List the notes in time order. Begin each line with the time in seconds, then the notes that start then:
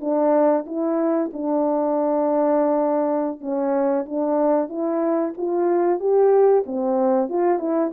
0.00 D4
0.66 E4
1.33 D4
3.40 C#4
4.06 D4
4.69 E4
5.37 F4
5.99 G4
6.66 C4
7.29 F4
7.59 E4